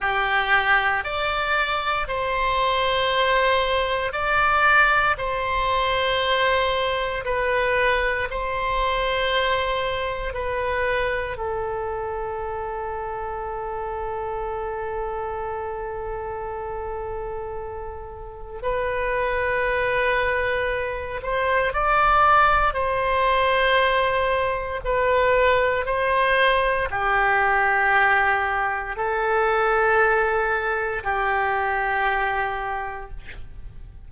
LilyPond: \new Staff \with { instrumentName = "oboe" } { \time 4/4 \tempo 4 = 58 g'4 d''4 c''2 | d''4 c''2 b'4 | c''2 b'4 a'4~ | a'1~ |
a'2 b'2~ | b'8 c''8 d''4 c''2 | b'4 c''4 g'2 | a'2 g'2 | }